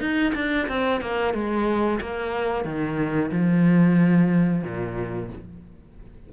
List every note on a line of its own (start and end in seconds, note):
0.00 0.33 D#4
0.35 0.68 D4
0.68 1.01 C4
1.01 1.34 A#3
1.34 2.00 G#3
2.00 2.65 A#3
2.65 3.31 D#3
3.31 4.63 F3
4.63 5.29 A#2